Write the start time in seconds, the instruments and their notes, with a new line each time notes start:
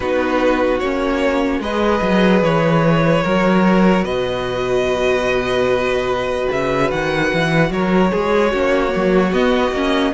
0.00 cello B3, viola D#4, violin F#4 B4
0.79 cello A#3, viola C#4, violin C#5
1.59 cello G#3, viola G#4, violin B4 D#5
2.01 cello F#3
2.42 cello E3, violin C#5
3.23 cello F#3, viola F#4, violin A#4
4.03 cello B2, violin B4 D#5
6.51 cello C#3, violin E5
6.90 cello D#3, violin F#5
7.33 cello E3
7.70 cello F#3, violin A#4 C#5
8.11 cello G#3, violin G#4
8.51 cello A#3, viola C#4, violin F#4
8.89 viola A#3
8.95 cello F#3
9.32 cello B3, viola B3, violin D#5
9.71 cello A#3, viola C#4